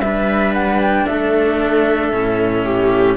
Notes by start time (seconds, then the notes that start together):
0.00 G3 D4 B4 E5
0.54 F#5
0.82 G5
1.06 A3 A4 E5
2.11 A2 C#4
2.64 G4